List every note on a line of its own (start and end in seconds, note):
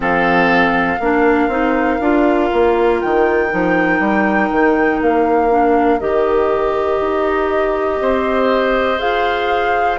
0.00 0.99 F3
0.00 0.97 C4
0.00 1.00 A4
0.00 3.00 F5
0.99 1.48 A#3
0.99 1.50 D4
0.99 8.00 A#4
1.48 1.98 C4
1.48 2.00 D#4
2.00 2.50 D4
2.00 3.49 F4
2.52 3.02 A#3
3.00 3.52 D#3
3.00 5.00 G5
3.49 3.99 F3
3.49 5.49 D#4
3.99 4.49 G3
4.50 5.00 D#3
5.01 6.00 A#3
5.01 6.00 F5
5.49 5.99 D4
6.00 7.00 D#3
6.00 8.98 G4
6.00 8.99 D#5
7.00 8.00 D#4
8.00 9.00 C4
8.00 9.98 C5
8.98 9.98 F4
8.98 9.98 G#4
8.98 9.98 F5